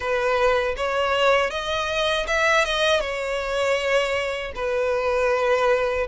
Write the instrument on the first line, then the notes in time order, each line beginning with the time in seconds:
violin
0.00 B4
0.76 C#5
1.50 D#5
2.27 E5
2.64 D#5
3.00 C#5
4.55 B4